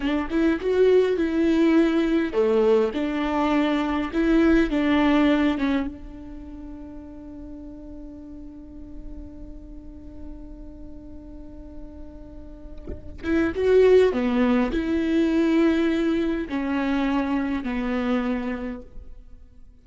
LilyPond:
\new Staff \with { instrumentName = "viola" } { \time 4/4 \tempo 4 = 102 d'8 e'8 fis'4 e'2 | a4 d'2 e'4 | d'4. cis'8 d'2~ | d'1~ |
d'1~ | d'2~ d'8 e'8 fis'4 | b4 e'2. | cis'2 b2 | }